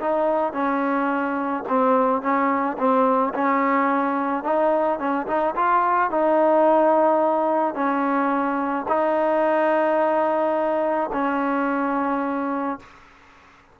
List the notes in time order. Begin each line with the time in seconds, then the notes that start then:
0.00 D#4
0.53 C#4
1.68 C4
2.21 C#4
2.78 C4
3.34 C#4
4.43 D#4
4.99 C#4
5.27 D#4
5.55 F4
6.10 D#4
7.74 C#4
8.88 D#4
11.13 C#4